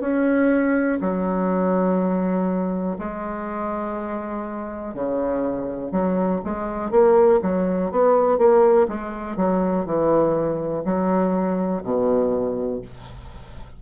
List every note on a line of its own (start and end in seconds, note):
0.00 0.98 C#4
1.01 2.97 F#3
2.98 4.94 G#3
4.94 5.92 C#3
5.92 6.41 F#3
6.44 6.91 G#3
6.91 7.40 A#3
7.42 7.91 F#3
7.91 8.38 B3
8.38 8.87 A#3
8.88 9.36 G#3
9.36 9.85 F#3
9.85 10.84 E3
10.85 11.83 F#3
11.83 12.81 B2